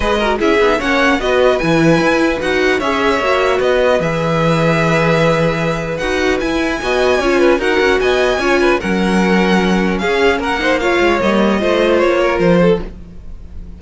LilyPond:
<<
  \new Staff \with { instrumentName = "violin" } { \time 4/4 \tempo 4 = 150 dis''4 e''4 fis''4 dis''4 | gis''2 fis''4 e''4~ | e''4 dis''4 e''2~ | e''2. fis''4 |
gis''2. fis''4 | gis''2 fis''2~ | fis''4 f''4 fis''4 f''4 | dis''2 cis''4 c''4 | }
  \new Staff \with { instrumentName = "violin" } { \time 4/4 b'8 ais'8 gis'4 cis''4 b'4~ | b'2. cis''4~ | cis''4 b'2.~ | b'1~ |
b'4 dis''4 cis''8 b'8 ais'4 | dis''4 cis''8 b'8 ais'2~ | ais'4 gis'4 ais'8 c''8 cis''4~ | cis''4 c''4. ais'4 a'8 | }
  \new Staff \with { instrumentName = "viola" } { \time 4/4 gis'8 fis'8 e'8 dis'8 cis'4 fis'4 | e'2 fis'4 gis'4 | fis'2 gis'2~ | gis'2. fis'4 |
e'4 fis'4 f'4 fis'4~ | fis'4 f'4 cis'2~ | cis'2~ cis'8 dis'8 f'4 | ais4 f'2. | }
  \new Staff \with { instrumentName = "cello" } { \time 4/4 gis4 cis'8 b8 ais4 b4 | e4 e'4 dis'4 cis'4 | ais4 b4 e2~ | e2. dis'4 |
e'4 b4 cis'4 dis'8 cis'8 | b4 cis'4 fis2~ | fis4 cis'4 ais4. gis8 | g4 a4 ais4 f4 | }
>>